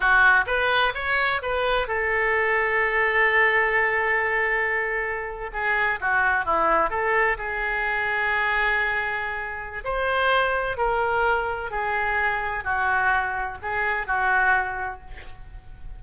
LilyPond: \new Staff \with { instrumentName = "oboe" } { \time 4/4 \tempo 4 = 128 fis'4 b'4 cis''4 b'4 | a'1~ | a'2.~ a'8. gis'16~ | gis'8. fis'4 e'4 a'4 gis'16~ |
gis'1~ | gis'4 c''2 ais'4~ | ais'4 gis'2 fis'4~ | fis'4 gis'4 fis'2 | }